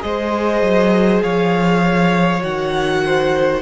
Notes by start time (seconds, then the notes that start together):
0.00 G#3 G#4 C5 D#5
0.62 F#3
1.23 F3 C#5 F5
2.41 D#3 F#4 F#5
3.06 C5